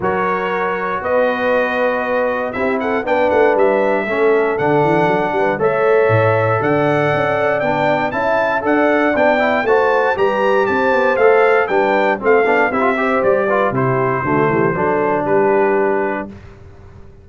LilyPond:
<<
  \new Staff \with { instrumentName = "trumpet" } { \time 4/4 \tempo 4 = 118 cis''2 dis''2~ | dis''4 e''8 fis''8 g''8 fis''8 e''4~ | e''4 fis''2 e''4~ | e''4 fis''2 g''4 |
a''4 fis''4 g''4 a''4 | ais''4 a''4 f''4 g''4 | f''4 e''4 d''4 c''4~ | c''2 b'2 | }
  \new Staff \with { instrumentName = "horn" } { \time 4/4 ais'2 b'2~ | b'4 g'8 a'8 b'2 | a'2~ a'8 b'8 cis''4~ | cis''4 d''2. |
e''4 d''2 c''4 | b'4 c''2 b'4 | a'4 g'8 c''4 b'8 g'4 | fis'8 g'8 a'4 g'2 | }
  \new Staff \with { instrumentName = "trombone" } { \time 4/4 fis'1~ | fis'4 e'4 d'2 | cis'4 d'2 a'4~ | a'2. d'4 |
e'4 a'4 d'8 e'8 fis'4 | g'2 a'4 d'4 | c'8 d'8 e'16 f'16 g'4 f'8 e'4 | a4 d'2. | }
  \new Staff \with { instrumentName = "tuba" } { \time 4/4 fis2 b2~ | b4 c'4 b8 a8 g4 | a4 d8 e8 fis8 g8 a4 | a,4 d4 cis'4 b4 |
cis'4 d'4 b4 a4 | g4 c'8 b8 a4 g4 | a8 b8 c'4 g4 c4 | d8 e8 fis4 g2 | }
>>